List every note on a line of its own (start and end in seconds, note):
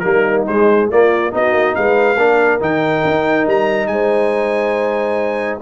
0.00 0.47 G3
0.00 0.46 A#3
0.00 0.90 D#4
0.00 0.43 A#4
0.48 0.91 G#3
0.48 0.92 G#3
0.48 0.90 C5
0.91 1.34 A#3
0.91 1.31 A#3
0.91 1.34 F4
0.91 1.35 D5
1.31 1.52 B3
1.31 2.17 D#4
1.31 1.77 F#4
1.31 1.75 D#5
1.52 1.74 A#3
1.75 2.18 G#3
1.75 2.18 B4
1.75 2.61 F5
2.18 2.61 A#3
2.18 2.61 D4
2.18 3.90 A#4
2.61 3.04 D#3
2.61 5.61 D#4
2.61 3.48 G5
3.05 3.47 D#4
3.47 3.88 G3
3.47 3.88 A#5
3.88 5.59 G#3
3.88 5.62 C5
3.88 5.59 G#5